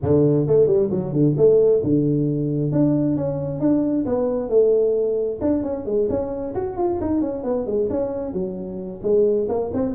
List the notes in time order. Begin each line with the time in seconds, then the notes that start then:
0.01 D3
0.46 A3
0.66 G3
0.90 F#3
1.13 D3
1.37 A3
1.83 D3
2.71 D4
3.16 C#4
3.60 D4
4.05 B3
4.49 A3
5.41 D4
5.63 C#4
5.85 G#3
6.09 C#4
6.54 F#4
6.77 F4
7.00 D#4
7.21 C#4
7.43 B3
7.66 G#3
7.90 C#4
8.33 F#3
9.02 G#3
9.48 A#3
9.73 C4